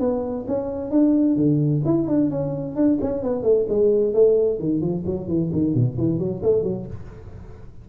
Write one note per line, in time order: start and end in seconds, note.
0.00 0.46 B3
0.48 0.91 C#4
0.91 1.36 D4
1.36 1.82 D3
1.85 2.08 E4
2.08 2.30 D4
2.30 2.76 C#4
2.76 2.99 D4
3.01 3.23 C#4
3.23 3.43 B3
3.43 3.66 A3
3.69 4.14 G#3
4.14 4.59 A3
4.59 4.81 D#3
4.81 5.04 F3
5.06 5.28 F#3
5.28 5.51 E3
5.53 5.74 D#3
5.74 5.97 B2
5.98 6.19 E3
6.19 6.42 F#3
6.43 6.63 A3
6.63 6.86 F#3